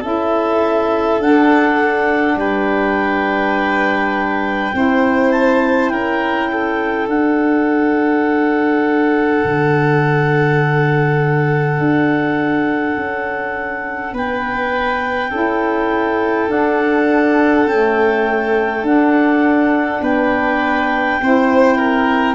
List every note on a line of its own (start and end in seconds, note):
0.00 1.18 C#4
0.00 1.20 E4
0.00 2.35 A4
0.00 1.21 E5
1.18 2.35 D4
1.18 4.73 D4
1.18 2.38 F#5
2.35 4.71 G3
2.35 4.75 B4
2.35 5.31 G5
4.73 5.90 C4
4.73 7.08 E4
4.73 5.92 C5
5.31 5.89 A5
5.89 7.07 C#4
5.89 6.51 A#4
5.89 7.06 G5
6.51 14.13 A4
7.07 9.42 D4
7.07 15.31 D4
7.07 14.15 F#5
9.44 11.78 D3
11.78 12.95 D4
12.96 14.12 C#4
14.12 15.29 B3
14.12 15.30 B4
14.12 16.50 G5
15.30 16.48 C#4
15.30 16.47 E4
15.30 20.00 A4
16.47 17.65 D4
16.47 17.67 F#5
17.65 18.86 A3
17.65 18.81 C#4
17.65 18.85 G5
18.81 19.99 D4
18.81 21.21 D4
18.81 20.02 F#5
20.00 21.18 B3
20.00 21.20 B4
20.00 22.34 G5
21.21 22.34 C4
21.21 22.34 E4
21.21 21.77 C5
21.77 22.34 A#4